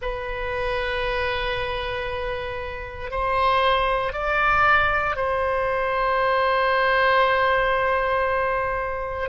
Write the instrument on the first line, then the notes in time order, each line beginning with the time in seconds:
oboe
0.01 B4
3.10 C5
4.12 D5
5.15 C5